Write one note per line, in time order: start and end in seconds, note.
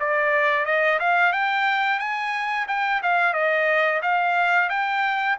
0.00 0.66 D5
0.66 0.99 D#5
1.00 1.33 F5
1.33 2.00 G5
2.00 2.67 G#5
2.68 3.02 G5
3.03 3.34 F5
3.34 4.01 D#5
4.03 4.70 F5
4.70 5.37 G5